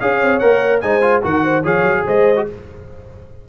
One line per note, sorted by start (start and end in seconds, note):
0.00 0.21 C#4
0.00 0.41 G#4
0.00 0.82 C#5
0.00 0.39 F5
0.21 0.42 C4
0.39 0.83 A#3
0.39 0.81 A#4
0.39 0.80 F#5
0.80 1.24 G#3
0.80 1.01 D#4
0.80 1.23 C5
0.80 1.21 G#5
1.01 1.21 F4
1.22 1.64 D#3
1.22 1.63 F#4
1.22 1.43 A#4
1.22 1.65 F#5
1.43 1.63 C5
1.63 1.82 F3
1.63 2.35 G#4
1.63 2.04 C#5
1.63 2.06 F5
1.82 2.03 F#3
2.05 2.48 G#3
2.05 2.46 C5
2.05 2.48 D#5
2.36 2.46 F#4